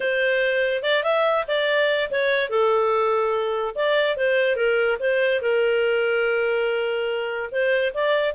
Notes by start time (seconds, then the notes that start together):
0.00 C5
0.82 D5
1.03 E5
1.47 D5
2.10 C#5
2.49 A4
3.75 D5
4.17 C5
4.56 A#4
4.99 C5
5.41 A#4
7.51 C5
7.93 D5